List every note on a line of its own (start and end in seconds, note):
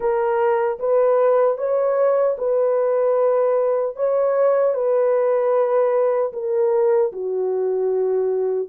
0.00 0.78 A#4
0.79 1.57 B4
1.57 2.36 C#5
2.38 3.95 B4
3.95 4.74 C#5
4.74 6.32 B4
6.33 7.12 A#4
7.12 8.68 F#4